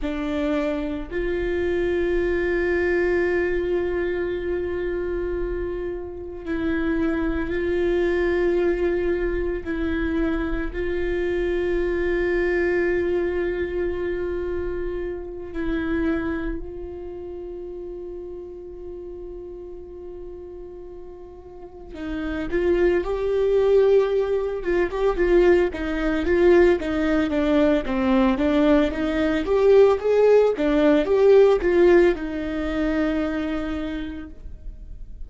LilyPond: \new Staff \with { instrumentName = "viola" } { \time 4/4 \tempo 4 = 56 d'4 f'2.~ | f'2 e'4 f'4~ | f'4 e'4 f'2~ | f'2~ f'8 e'4 f'8~ |
f'1~ | f'8 dis'8 f'8 g'4. f'16 g'16 f'8 | dis'8 f'8 dis'8 d'8 c'8 d'8 dis'8 g'8 | gis'8 d'8 g'8 f'8 dis'2 | }